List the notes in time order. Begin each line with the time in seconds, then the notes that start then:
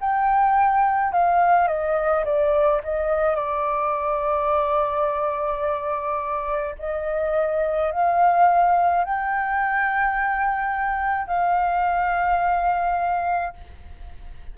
0.00 G5
1.12 F5
1.68 D#5
2.25 D5
2.84 D#5
3.36 D5
6.79 D#5
7.91 F5
9.04 G5
11.27 F5